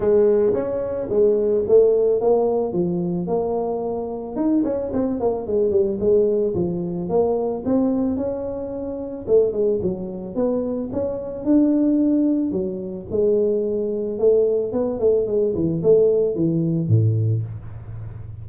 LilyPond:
\new Staff \with { instrumentName = "tuba" } { \time 4/4 \tempo 4 = 110 gis4 cis'4 gis4 a4 | ais4 f4 ais2 | dis'8 cis'8 c'8 ais8 gis8 g8 gis4 | f4 ais4 c'4 cis'4~ |
cis'4 a8 gis8 fis4 b4 | cis'4 d'2 fis4 | gis2 a4 b8 a8 | gis8 e8 a4 e4 a,4 | }